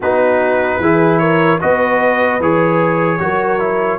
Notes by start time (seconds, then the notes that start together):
0.00 B3 D#4 F#4 B4
0.79 E3 E4 G#4
1.18 A#4 C#5
1.60 B3 F#4 B4 D#5
2.39 E3 G#4 C#5
3.19 F#3 F#4 A#4
3.59 E4